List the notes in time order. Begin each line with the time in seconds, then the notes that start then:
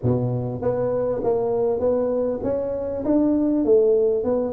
0.02 B2
0.61 B3
1.23 A#3
1.79 B3
2.43 C#4
3.04 D4
3.64 A3
4.24 B3